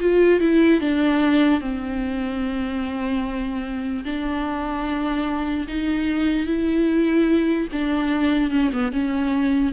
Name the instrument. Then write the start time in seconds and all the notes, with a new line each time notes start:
viola
0.00 F4
0.40 E4
0.80 D4
1.61 C4
4.05 D4
5.68 D#4
6.46 E4
7.72 D4
8.51 C#4
8.73 B3
8.92 C#4